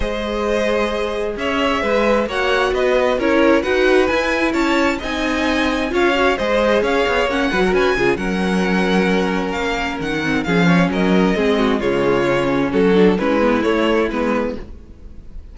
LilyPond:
<<
  \new Staff \with { instrumentName = "violin" } { \time 4/4 \tempo 4 = 132 dis''2. e''4~ | e''4 fis''4 dis''4 cis''4 | fis''4 gis''4 a''4 gis''4~ | gis''4 f''4 dis''4 f''4 |
fis''4 gis''4 fis''2~ | fis''4 f''4 fis''4 f''4 | dis''2 cis''2 | a'4 b'4 cis''4 b'4 | }
  \new Staff \with { instrumentName = "violin" } { \time 4/4 c''2. cis''4 | b'4 cis''4 b'4 ais'4 | b'2 cis''4 dis''4~ | dis''4 cis''4 c''4 cis''4~ |
cis''8 b'16 ais'16 b'8 gis'8 ais'2~ | ais'2. gis'8 cis''8 | ais'4 gis'8 fis'8 f'2 | fis'4 e'2. | }
  \new Staff \with { instrumentName = "viola" } { \time 4/4 gis'1~ | gis'4 fis'2 e'4 | fis'4 e'2 dis'4~ | dis'4 f'8 fis'8 gis'2 |
cis'8 fis'4 f'8 cis'2~ | cis'2~ cis'8 c'8 cis'4~ | cis'4 c'4 gis4 cis'4~ | cis'8 d'8 cis'8 b8 a4 b4 | }
  \new Staff \with { instrumentName = "cello" } { \time 4/4 gis2. cis'4 | gis4 ais4 b4 cis'4 | dis'4 e'4 cis'4 c'4~ | c'4 cis'4 gis4 cis'8 b8 |
ais8 fis8 cis'8 cis8 fis2~ | fis4 ais4 dis4 f4 | fis4 gis4 cis2 | fis4 gis4 a4 gis4 | }
>>